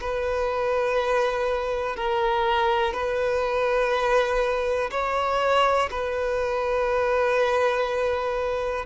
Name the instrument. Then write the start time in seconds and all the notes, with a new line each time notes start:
violin
0.00 B4
1.96 A#4
2.93 B4
4.91 C#5
5.90 B4